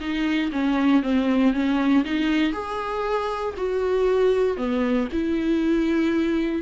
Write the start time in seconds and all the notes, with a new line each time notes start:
0.00 D#4
0.52 C#4
1.03 C4
1.53 C#4
2.05 D#4
2.53 G#4
3.57 F#4
4.57 B3
5.12 E4